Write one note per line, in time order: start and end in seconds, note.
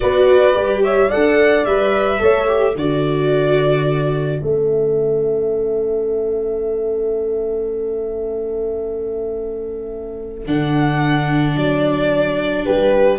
0.00 0.56 B3
0.00 0.53 F#4
0.00 0.83 B4
0.00 0.81 D5
0.53 1.11 G3
0.53 1.08 G4
0.83 1.09 C#5
0.83 1.10 E5
1.09 1.65 D4
1.09 1.65 A4
1.09 2.19 D5
1.09 1.65 F#5
1.65 2.20 G3
1.65 2.19 B4
1.65 2.75 E5
2.19 2.75 A3
2.19 2.46 A4
2.19 2.75 C#5
2.47 2.74 G4
2.75 4.40 D3
2.75 4.38 F#4
2.75 12.65 A4
2.75 4.41 D5
4.38 10.46 A3
4.38 10.44 C#4
4.38 10.47 E5
10.45 11.56 D3
10.45 13.18 D4
10.45 11.57 F#5
11.56 12.66 F#3
11.56 12.65 D5
12.65 13.18 G3
12.65 13.18 G4
12.65 13.18 B4